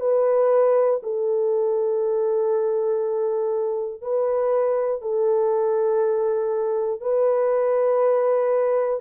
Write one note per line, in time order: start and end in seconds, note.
0.00 1.00 B4
1.03 4.02 A4
4.02 5.01 B4
5.01 7.01 A4
7.01 9.00 B4